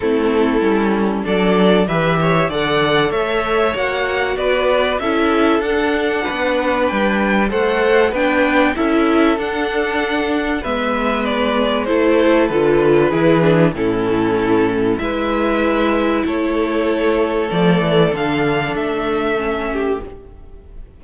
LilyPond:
<<
  \new Staff \with { instrumentName = "violin" } { \time 4/4 \tempo 4 = 96 a'2 d''4 e''4 | fis''4 e''4 fis''4 d''4 | e''4 fis''2 g''4 | fis''4 g''4 e''4 fis''4~ |
fis''4 e''4 d''4 c''4 | b'2 a'2 | e''2 cis''2 | d''4 f''4 e''2 | }
  \new Staff \with { instrumentName = "violin" } { \time 4/4 e'2 a'4 b'8 cis''8 | d''4 cis''2 b'4 | a'2 b'2 | c''4 b'4 a'2~ |
a'4 b'2 a'4~ | a'4 gis'4 e'2 | b'2 a'2~ | a'2.~ a'8 g'8 | }
  \new Staff \with { instrumentName = "viola" } { \time 4/4 c'4 cis'4 d'4 g'4 | a'2 fis'2 | e'4 d'2. | a'4 d'4 e'4 d'4~ |
d'4 b2 e'4 | f'4 e'8 d'8 cis'2 | e'1 | a4 d'2 cis'4 | }
  \new Staff \with { instrumentName = "cello" } { \time 4/4 a4 g4 fis4 e4 | d4 a4 ais4 b4 | cis'4 d'4 b4 g4 | a4 b4 cis'4 d'4~ |
d'4 gis2 a4 | d4 e4 a,2 | gis2 a2 | f8 e8 d4 a2 | }
>>